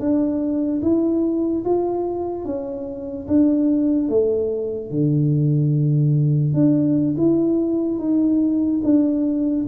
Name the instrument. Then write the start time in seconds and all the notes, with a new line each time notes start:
tuba
0.00 D4
0.82 E4
1.65 F4
2.45 C#4
3.28 D4
4.09 A3
4.91 D3
6.54 D4
7.18 E4
7.99 D#4
8.84 D4